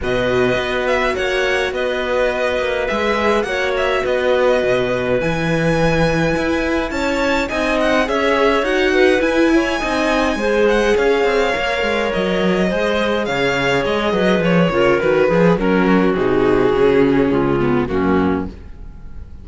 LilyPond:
<<
  \new Staff \with { instrumentName = "violin" } { \time 4/4 \tempo 4 = 104 dis''4. e''8 fis''4 dis''4~ | dis''4 e''4 fis''8 e''8 dis''4~ | dis''4 gis''2. | a''4 gis''8 fis''8 e''4 fis''4 |
gis''2~ gis''8 fis''8 f''4~ | f''4 dis''2 f''4 | dis''4 cis''4 b'4 ais'4 | gis'2. fis'4 | }
  \new Staff \with { instrumentName = "clarinet" } { \time 4/4 b'2 cis''4 b'4~ | b'2 cis''4 b'4~ | b'1 | cis''4 dis''4 cis''4. b'8~ |
b'8 cis''8 dis''4 c''4 cis''4~ | cis''2 c''4 cis''4~ | cis''8 b'4 ais'4 gis'8 ais'8 fis'8~ | fis'2 f'4 cis'4 | }
  \new Staff \with { instrumentName = "viola" } { \time 4/4 fis'1~ | fis'4 gis'4 fis'2~ | fis'4 e'2.~ | e'4 dis'4 gis'4 fis'4 |
e'4 dis'4 gis'2 | ais'2 gis'2~ | gis'4. f'8 fis'8 gis'8 cis'4 | dis'4 cis'4. b8 ais4 | }
  \new Staff \with { instrumentName = "cello" } { \time 4/4 b,4 b4 ais4 b4~ | b8 ais8 gis4 ais4 b4 | b,4 e2 e'4 | cis'4 c'4 cis'4 dis'4 |
e'4 c'4 gis4 cis'8 c'8 | ais8 gis8 fis4 gis4 cis4 | gis8 fis8 f8 cis8 dis8 f8 fis4 | c4 cis4 cis,4 fis,4 | }
>>